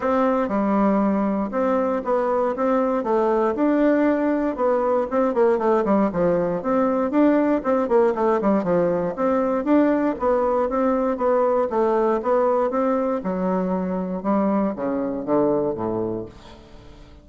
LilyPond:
\new Staff \with { instrumentName = "bassoon" } { \time 4/4 \tempo 4 = 118 c'4 g2 c'4 | b4 c'4 a4 d'4~ | d'4 b4 c'8 ais8 a8 g8 | f4 c'4 d'4 c'8 ais8 |
a8 g8 f4 c'4 d'4 | b4 c'4 b4 a4 | b4 c'4 fis2 | g4 cis4 d4 a,4 | }